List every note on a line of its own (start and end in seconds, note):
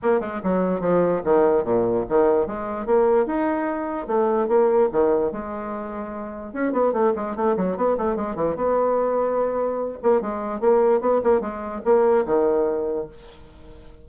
0.02 0.20 A#3
0.20 0.40 G#3
0.43 0.80 F#3
0.80 1.21 F3
1.24 1.63 D#3
1.63 2.04 A#2
2.09 2.47 D#3
2.47 2.86 G#3
2.86 3.26 A#3
3.26 4.07 D#4
4.07 4.47 A3
4.48 4.89 A#3
4.91 5.32 D#3
5.32 6.53 G#3
6.53 6.72 C#4
6.72 6.92 B3
6.92 7.13 A3
7.15 7.35 G#3
7.36 7.56 A3
7.56 7.76 F#3
7.76 7.97 B3
7.97 8.15 A3
8.15 8.35 G#3
8.35 8.55 E3
8.56 9.99 B3
10.02 10.21 A#3
10.21 10.60 G#3
10.60 11.01 A#3
11.01 11.21 B3
11.23 11.40 A#3
11.40 11.81 G#3
11.84 12.25 A#3
12.26 13.07 D#3